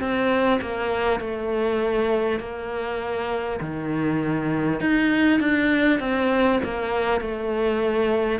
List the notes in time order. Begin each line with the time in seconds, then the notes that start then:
0.00 C4
0.61 A#3
1.21 A3
2.40 A#3
3.61 D#3
4.81 D#4
5.41 D4
6.00 C4
6.64 A#3
7.21 A3